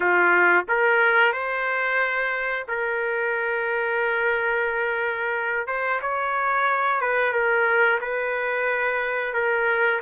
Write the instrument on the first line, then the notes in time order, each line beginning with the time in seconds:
trumpet
0.00 F4
0.68 A#4
1.32 C5
2.68 A#4
5.67 C5
6.01 C#5
7.01 B4
7.32 A#4
8.01 B4
9.33 A#4